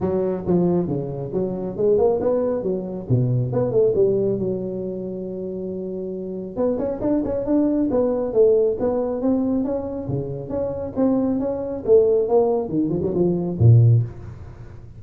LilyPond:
\new Staff \with { instrumentName = "tuba" } { \time 4/4 \tempo 4 = 137 fis4 f4 cis4 fis4 | gis8 ais8 b4 fis4 b,4 | b8 a8 g4 fis2~ | fis2. b8 cis'8 |
d'8 cis'8 d'4 b4 a4 | b4 c'4 cis'4 cis4 | cis'4 c'4 cis'4 a4 | ais4 dis8 f16 fis16 f4 ais,4 | }